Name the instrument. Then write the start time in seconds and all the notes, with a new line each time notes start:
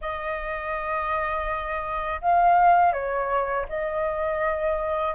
flute
0.01 D#5
2.21 F5
2.92 C#5
3.69 D#5